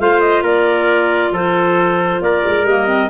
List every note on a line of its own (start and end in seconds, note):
0.00 0.43 A3
0.00 2.67 F4
0.00 0.43 C5
0.00 0.20 F5
0.20 0.42 D#5
0.43 1.31 A#3
0.43 1.32 A#4
0.43 1.35 D5
1.31 2.20 F3
1.31 2.22 A4
1.31 2.22 C5
2.22 2.44 A#3
2.22 3.10 A#4
2.22 2.66 D5
2.46 2.64 G#3
2.64 3.09 G3
2.64 2.87 A#3
2.64 3.10 D#5
2.87 3.09 C4